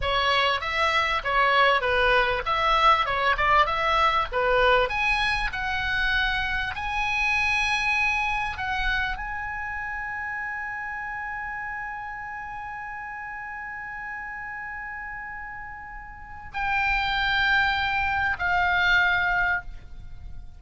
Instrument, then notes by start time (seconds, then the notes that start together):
oboe
0.01 C#5
0.60 E5
1.24 C#5
1.81 B4
2.45 E5
3.05 C#5
3.37 D5
3.66 E5
4.32 B4
4.89 G#5
5.52 F#5
6.75 G#5
8.57 F#5
9.16 G#5
16.53 G5
18.38 F5